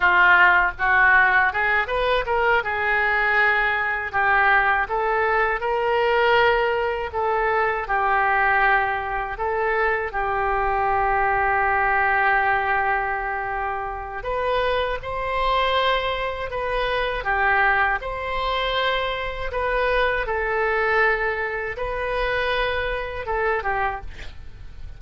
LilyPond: \new Staff \with { instrumentName = "oboe" } { \time 4/4 \tempo 4 = 80 f'4 fis'4 gis'8 b'8 ais'8 gis'8~ | gis'4. g'4 a'4 ais'8~ | ais'4. a'4 g'4.~ | g'8 a'4 g'2~ g'8~ |
g'2. b'4 | c''2 b'4 g'4 | c''2 b'4 a'4~ | a'4 b'2 a'8 g'8 | }